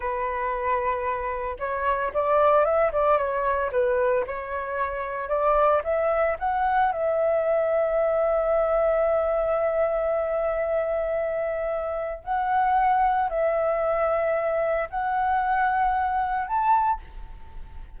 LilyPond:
\new Staff \with { instrumentName = "flute" } { \time 4/4 \tempo 4 = 113 b'2. cis''4 | d''4 e''8 d''8 cis''4 b'4 | cis''2 d''4 e''4 | fis''4 e''2.~ |
e''1~ | e''2. fis''4~ | fis''4 e''2. | fis''2. a''4 | }